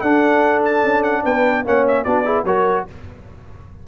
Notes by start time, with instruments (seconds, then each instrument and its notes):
0.00 tuba D4, trombone D4, horn A4, trumpet F#5
0.64 trumpet A5
0.83 tuba C#4
1.03 trumpet F#5
1.23 tuba B3, horn B4, trumpet G5
1.65 tuba A#3, trombone C#4, horn C#5, trumpet F#5
1.87 trumpet E5
2.04 tuba B3, trombone D4, horn F#4, trumpet D5
2.24 trombone E4, horn G#4
2.44 tuba F#3, trombone F#4, horn A#4, trumpet C#5